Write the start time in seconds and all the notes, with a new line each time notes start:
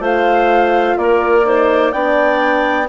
0.00 A3 F4 C5 F5
0.98 A#3 A#4 D5
1.45 D#4 C5
1.93 B3 D4 D5 G5